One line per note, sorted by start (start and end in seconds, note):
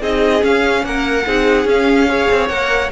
0.00 0.43 C4
0.00 0.42 D#4
0.00 0.83 G#4
0.00 0.44 D#5
0.42 1.24 C#4
0.42 0.84 C#4
0.42 0.85 F5
0.84 1.26 A#3
0.84 1.27 A#4
0.84 1.68 F#5
1.26 1.65 C4
1.26 1.68 D#4
1.26 2.09 G#4
1.65 2.27 C#4
1.65 2.08 C#4
1.65 2.48 F5
2.08 2.50 G#4
2.08 2.91 C#5
2.32 2.49 C4
2.48 2.91 A#3
2.48 2.91 A#4
2.48 2.90 F#5